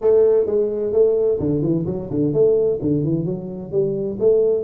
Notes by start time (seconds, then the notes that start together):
0.01 A3
0.45 G#3
0.92 A3
1.39 D3
1.62 E3
1.86 F#3
2.10 D3
2.33 A3
2.81 D3
3.04 E3
3.25 F#3
3.71 G3
4.19 A3